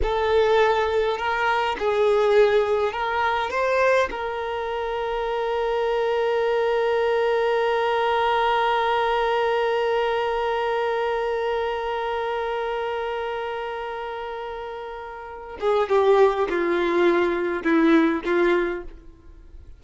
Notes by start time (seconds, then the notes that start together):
0.02 A4
1.17 A#4
1.78 G#4
2.92 A#4
3.50 C5
4.10 A#4
15.60 G#4
15.89 G4
16.49 F4
17.63 E4
18.24 F4